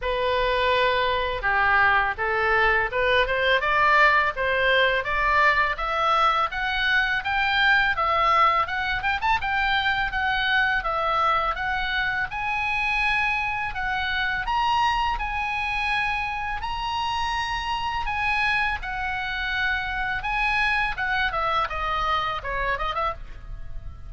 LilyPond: \new Staff \with { instrumentName = "oboe" } { \time 4/4 \tempo 4 = 83 b'2 g'4 a'4 | b'8 c''8 d''4 c''4 d''4 | e''4 fis''4 g''4 e''4 | fis''8 g''16 a''16 g''4 fis''4 e''4 |
fis''4 gis''2 fis''4 | ais''4 gis''2 ais''4~ | ais''4 gis''4 fis''2 | gis''4 fis''8 e''8 dis''4 cis''8 dis''16 e''16 | }